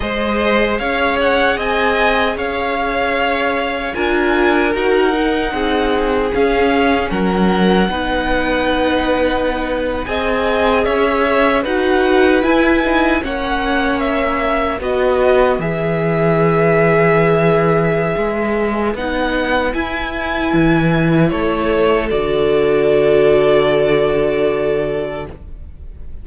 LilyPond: <<
  \new Staff \with { instrumentName = "violin" } { \time 4/4 \tempo 4 = 76 dis''4 f''8 fis''8 gis''4 f''4~ | f''4 gis''4 fis''2 | f''4 fis''2.~ | fis''8. gis''4 e''4 fis''4 gis''16~ |
gis''8. fis''4 e''4 dis''4 e''16~ | e''1 | fis''4 gis''2 cis''4 | d''1 | }
  \new Staff \with { instrumentName = "violin" } { \time 4/4 c''4 cis''4 dis''4 cis''4~ | cis''4 ais'2 gis'4~ | gis'4 ais'4 b'2~ | b'8. dis''4 cis''4 b'4~ b'16~ |
b'8. cis''2 b'4~ b'16~ | b'1~ | b'2. a'4~ | a'1 | }
  \new Staff \with { instrumentName = "viola" } { \time 4/4 gis'1~ | gis'4 f'4 fis'8 dis'4. | cis'2 dis'2~ | dis'8. gis'2 fis'4 e'16~ |
e'16 dis'8 cis'2 fis'4 gis'16~ | gis'1 | dis'4 e'2. | fis'1 | }
  \new Staff \with { instrumentName = "cello" } { \time 4/4 gis4 cis'4 c'4 cis'4~ | cis'4 d'4 dis'4 c'4 | cis'4 fis4 b2~ | b8. c'4 cis'4 dis'4 e'16~ |
e'8. ais2 b4 e16~ | e2. gis4 | b4 e'4 e4 a4 | d1 | }
>>